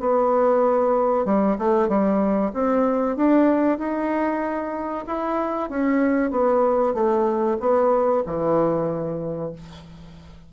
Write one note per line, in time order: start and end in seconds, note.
0.00 1.25 B3
1.25 1.56 G3
1.58 1.88 A3
1.88 2.51 G3
2.53 3.16 C4
3.16 3.78 D4
3.78 5.05 D#4
5.07 5.70 E4
5.70 6.31 C#4
6.31 6.94 B3
6.94 7.57 A3
7.60 8.23 B3
8.26 9.52 E3